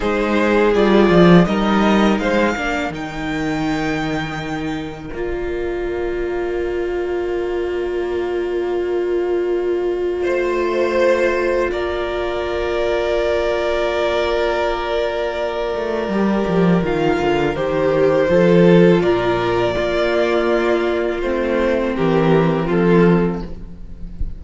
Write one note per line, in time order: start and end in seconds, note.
0.00 0.74 G#3
0.00 0.72 D#4
0.00 1.46 G#4
0.00 0.73 C5
0.74 1.09 G3
0.74 1.46 F4
0.74 1.45 D5
1.09 1.45 F3
1.45 2.18 G3
1.45 2.56 D#4
1.45 2.21 A#4
1.45 2.18 D#5
2.18 2.55 G#3
2.18 2.55 C5
2.18 2.92 F5
2.55 2.90 A#3
2.55 2.92 D4
2.55 10.22 A#4
2.90 5.09 D#3
2.90 5.11 D#4
2.90 5.13 G5
5.13 10.25 A#3
5.13 16.11 F4
5.13 10.24 D5
10.22 11.71 A3
10.22 11.69 C5
10.22 11.71 C5
11.71 15.74 A#3
11.71 18.29 A#4
11.71 16.83 D5
15.74 16.07 A3
16.07 16.44 G3
16.07 16.83 G4
16.47 16.82 F3
16.82 17.19 D#3
16.82 17.56 F4
16.82 17.55 F5
17.19 17.56 D3
17.55 18.29 D#3
17.55 18.27 G4
17.55 19.00 C5
18.27 19.01 F3
18.27 19.74 F4
18.27 19.02 A4
19.00 19.74 A#2
19.00 19.75 A#4
19.00 21.20 D5
19.75 21.23 A#3
19.75 21.22 A#3
19.75 21.94 F4
21.21 21.95 A3
21.21 23.43 C4
21.21 21.94 C5
21.95 22.69 E3
21.95 22.66 G4
21.95 22.69 A#4
22.66 23.42 F3
22.66 23.39 F4
22.66 23.43 A4